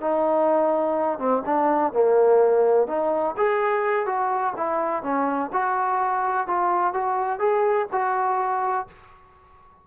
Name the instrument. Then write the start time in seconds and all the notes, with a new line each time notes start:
trombone
0.00 D#4
1.18 C4
1.45 D4
1.92 A#3
2.87 D#4
3.37 G#4
4.05 F#4
4.56 E4
5.02 C#4
5.52 F#4
6.47 F4
6.93 F#4
7.39 G#4
7.92 F#4